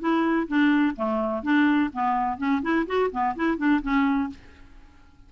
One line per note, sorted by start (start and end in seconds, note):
0.00 0.48 E4
0.48 0.96 D4
0.96 1.43 A3
1.43 1.91 D4
1.93 2.38 B3
2.38 2.62 C#4
2.62 2.86 E4
2.87 3.10 F#4
3.11 3.35 B3
3.36 3.57 E4
3.57 3.81 D4
3.82 4.30 C#4